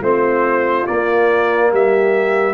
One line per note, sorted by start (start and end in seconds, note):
0.00 0.86 A3
0.00 0.87 C4
0.00 1.69 F4
0.00 0.87 C5
0.87 2.54 A#3
0.87 1.73 A#3
0.87 1.71 D5
1.71 2.54 G3
1.71 2.54 G4
1.71 2.54 E5